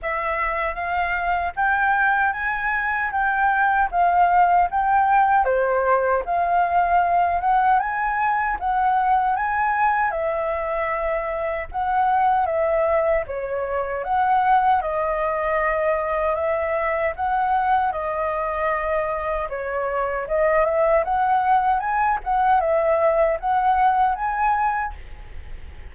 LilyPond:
\new Staff \with { instrumentName = "flute" } { \time 4/4 \tempo 4 = 77 e''4 f''4 g''4 gis''4 | g''4 f''4 g''4 c''4 | f''4. fis''8 gis''4 fis''4 | gis''4 e''2 fis''4 |
e''4 cis''4 fis''4 dis''4~ | dis''4 e''4 fis''4 dis''4~ | dis''4 cis''4 dis''8 e''8 fis''4 | gis''8 fis''8 e''4 fis''4 gis''4 | }